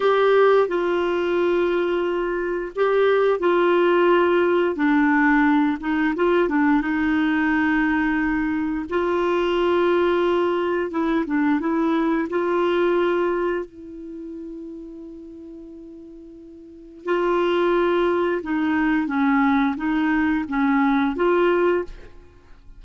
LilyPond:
\new Staff \with { instrumentName = "clarinet" } { \time 4/4 \tempo 4 = 88 g'4 f'2. | g'4 f'2 d'4~ | d'8 dis'8 f'8 d'8 dis'2~ | dis'4 f'2. |
e'8 d'8 e'4 f'2 | e'1~ | e'4 f'2 dis'4 | cis'4 dis'4 cis'4 f'4 | }